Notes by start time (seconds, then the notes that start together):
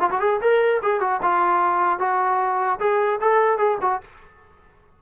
0.00 F4
0.11 F#4
0.20 G#4
0.41 A#4
0.83 G#4
1.01 F#4
1.22 F4
1.99 F#4
2.80 G#4
3.21 A4
3.58 G#4
3.81 F#4